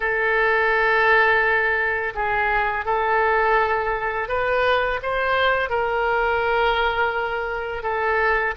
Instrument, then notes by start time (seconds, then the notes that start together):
oboe
0.00 A4
2.14 G#4
2.85 A4
4.28 B4
5.02 C5
5.69 A#4
7.82 A4